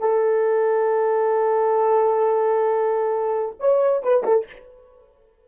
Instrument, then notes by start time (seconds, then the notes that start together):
horn
0.00 A4
3.60 C#5
4.03 B4
4.23 A4